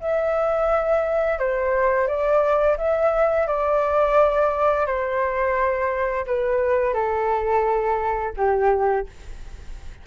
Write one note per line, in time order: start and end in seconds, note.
0.00 1.39 E5
1.39 2.07 C5
2.07 2.77 D5
2.77 3.47 E5
3.47 4.86 D5
4.86 6.26 C5
6.26 6.94 B4
6.94 8.33 A4
8.37 9.06 G4